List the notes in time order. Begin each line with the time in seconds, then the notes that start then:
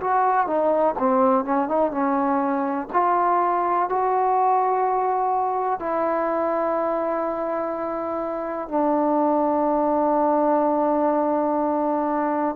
0.00 F#4
0.46 D#4
0.99 C4
1.45 C#4
1.68 D#4
1.91 C#4
2.93 F4
3.89 F#4
5.79 E4
8.68 D4